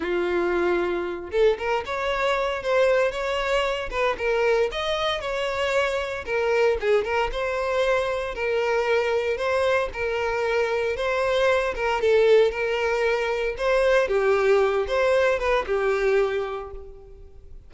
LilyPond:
\new Staff \with { instrumentName = "violin" } { \time 4/4 \tempo 4 = 115 f'2~ f'8 a'8 ais'8 cis''8~ | cis''4 c''4 cis''4. b'8 | ais'4 dis''4 cis''2 | ais'4 gis'8 ais'8 c''2 |
ais'2 c''4 ais'4~ | ais'4 c''4. ais'8 a'4 | ais'2 c''4 g'4~ | g'8 c''4 b'8 g'2 | }